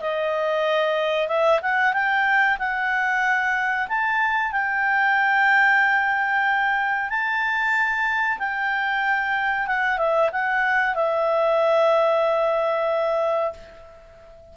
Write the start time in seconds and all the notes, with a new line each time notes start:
0.00 D#5
1.28 E5
1.62 F#5
1.93 G5
2.58 F#5
3.88 A5
4.51 G5
7.09 A5
8.38 G5
9.66 F#5
9.98 E5
10.32 F#5
10.95 E5